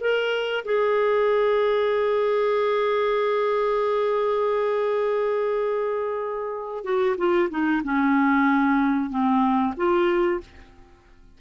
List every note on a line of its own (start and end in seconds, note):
0.00 0.64 A#4
0.65 6.84 G#4
6.84 7.16 F#4
7.17 7.49 F4
7.50 7.82 D#4
7.83 9.10 C#4
9.10 9.74 C4
9.76 10.40 F4